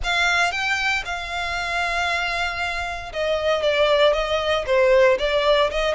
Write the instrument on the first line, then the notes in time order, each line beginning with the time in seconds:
violin
0.03 F5
0.51 G5
1.05 F5
3.12 D#5
3.62 D5
4.13 D#5
4.66 C5
5.18 D5
5.70 D#5